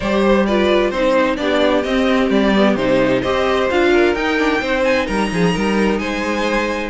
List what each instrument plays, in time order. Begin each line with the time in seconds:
0.00 cello G3, viola G4, violin C5 D5
0.25 violin C5
0.46 viola F4, violin B4 D5
0.90 cello C4, viola D#4, violin C5
1.36 cello B3, viola D4, violin G4 D5
1.82 cello C4, viola C4, violin D#5
2.30 cello G3, violin D5
2.55 viola B3
2.75 cello C3, viola D#4, violin C5
3.21 cello C4, viola G4, violin C5 D#5
3.70 cello D4, viola F4, violin F5
3.92 violin A#4
4.14 cello D#4, viola D#4, violin G5
4.37 viola D4
4.60 cello C4, viola D#4, violin C5
4.84 violin G#5
5.06 cello G3, violin A#4 A#5
5.31 cello F3, violin G#4
5.53 cello G3, violin A#4
5.98 cello G#3, violin C5 G#5